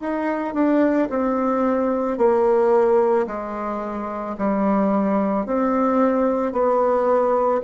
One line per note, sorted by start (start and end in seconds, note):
0.00 0.54 D#4
0.54 1.08 D4
1.10 2.17 C4
2.17 3.26 A#3
3.27 4.36 G#3
4.38 5.46 G3
5.46 6.52 C4
6.52 7.61 B3